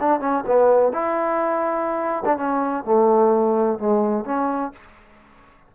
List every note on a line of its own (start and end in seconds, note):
0.00 0.20 D4
0.20 0.44 C#4
0.46 0.93 B3
0.93 2.24 E4
2.25 2.37 D4
2.37 2.84 C#4
2.84 3.79 A3
3.79 4.25 G#3
4.25 4.73 C#4